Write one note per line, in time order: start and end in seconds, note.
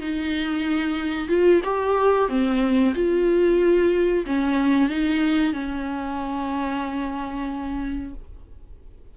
0.00 1.28 D#4
1.28 1.61 F4
1.64 2.28 G4
2.28 2.93 C4
2.94 4.25 F4
4.25 4.89 C#4
4.89 5.52 D#4
5.52 8.13 C#4